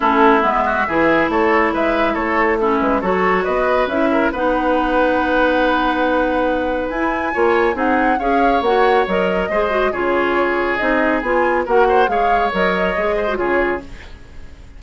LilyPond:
<<
  \new Staff \with { instrumentName = "flute" } { \time 4/4 \tempo 4 = 139 a'4 e''2 cis''4 | e''4 cis''4 a'8 b'8 cis''4 | dis''4 e''4 fis''2~ | fis''1 |
gis''2 fis''4 f''4 | fis''4 dis''2 cis''4~ | cis''4 dis''4 gis''4 fis''4 | f''4 dis''2 cis''4 | }
  \new Staff \with { instrumentName = "oboe" } { \time 4/4 e'4. fis'8 gis'4 a'4 | b'4 a'4 e'4 a'4 | b'4. ais'8 b'2~ | b'1~ |
b'4 cis''4 gis'4 cis''4~ | cis''2 c''4 gis'4~ | gis'2. ais'8 c''8 | cis''2~ cis''8 c''8 gis'4 | }
  \new Staff \with { instrumentName = "clarinet" } { \time 4/4 cis'4 b4 e'2~ | e'2 cis'4 fis'4~ | fis'4 e'4 dis'2~ | dis'1 |
e'4 f'4 dis'4 gis'4 | fis'4 ais'4 gis'8 fis'8 f'4~ | f'4 dis'4 f'4 fis'4 | gis'4 ais'4 gis'8. fis'16 f'4 | }
  \new Staff \with { instrumentName = "bassoon" } { \time 4/4 a4 gis4 e4 a4 | gis4 a4. gis8 fis4 | b4 cis'4 b2~ | b1 |
e'4 ais4 c'4 cis'4 | ais4 fis4 gis4 cis4~ | cis4 c'4 b4 ais4 | gis4 fis4 gis4 cis4 | }
>>